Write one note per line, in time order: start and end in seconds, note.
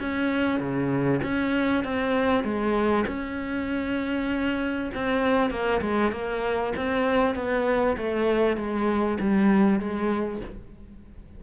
0.00 0.60 C#4
0.60 1.21 C#3
1.23 1.84 C#4
1.84 2.44 C4
2.44 3.05 G#3
3.07 4.91 C#4
4.95 5.50 C4
5.50 5.81 A#3
5.81 6.12 G#3
6.12 6.73 A#3
6.76 7.35 C4
7.35 7.96 B3
7.97 8.57 A3
8.57 9.18 G#3
9.20 9.80 G3
9.80 10.41 G#3